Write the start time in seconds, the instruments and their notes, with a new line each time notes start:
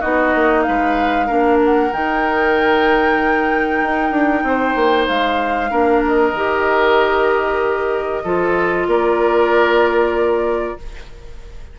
0.00 bassoon B3, clarinet D#4, oboe F#4, flute D#5
0.34 bassoon A#3
0.62 bassoon G#3, oboe B4, flute F5
1.26 bassoon A#3, clarinet D4, oboe A#4
1.64 flute F#5
1.92 bassoon D#3, clarinet D#4, flute G5
3.82 bassoon D#4
4.11 bassoon D4
4.42 bassoon C4, oboe C5
4.75 bassoon A#3
5.08 bassoon G#3, flute F5
5.70 bassoon A#3, clarinet D4, oboe A#4
6.07 flute D#5
6.32 bassoon D#3, clarinet G4
8.24 bassoon F3, clarinet F4, oboe A4
8.86 bassoon A#3, oboe A#4, flute D5